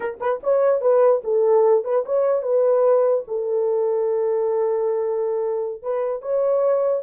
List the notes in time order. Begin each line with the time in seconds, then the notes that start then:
0.00 A#4
0.20 B4
0.43 C#5
0.81 B4
1.24 A4
1.84 B4
2.05 C#5
2.42 B4
3.27 A4
5.82 B4
6.22 C#5